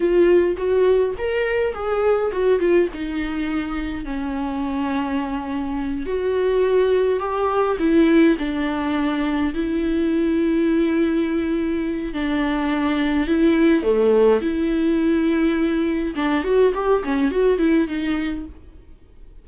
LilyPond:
\new Staff \with { instrumentName = "viola" } { \time 4/4 \tempo 4 = 104 f'4 fis'4 ais'4 gis'4 | fis'8 f'8 dis'2 cis'4~ | cis'2~ cis'8 fis'4.~ | fis'8 g'4 e'4 d'4.~ |
d'8 e'2.~ e'8~ | e'4 d'2 e'4 | a4 e'2. | d'8 fis'8 g'8 cis'8 fis'8 e'8 dis'4 | }